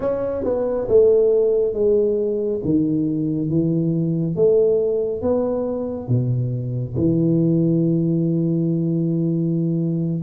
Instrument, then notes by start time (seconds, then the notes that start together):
tuba
0.00 C#4
0.43 B3
0.88 A3
1.73 G#3
2.64 D#3
3.49 E3
4.35 A3
5.21 B3
6.08 B2
6.96 E3